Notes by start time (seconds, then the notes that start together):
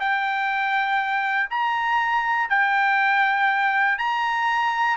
0.00 G5
1.50 A#5
2.50 G5
3.98 A#5